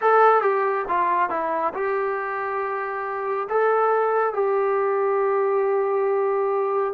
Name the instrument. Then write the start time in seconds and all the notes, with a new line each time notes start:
trombone
0.01 A4
0.42 G4
0.88 F4
1.29 E4
1.74 G4
3.49 A4
4.33 G4